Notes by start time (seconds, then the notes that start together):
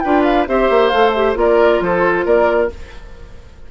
0.00 D4 F4 B4 G5
0.23 F5
0.47 C4 G4 C5 E5
0.70 A#3
0.89 A3 A4 F5
1.13 G4 E5
1.35 A#3 F4 A#4 D5
1.81 F3 A4 C5
2.25 A#3 A#4 D5